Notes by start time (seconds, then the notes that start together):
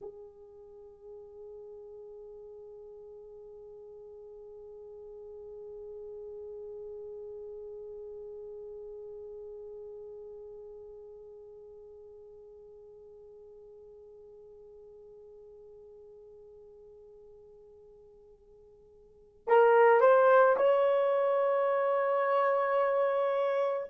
0.01 G#4
19.47 A#4
20.00 C5
20.56 C#5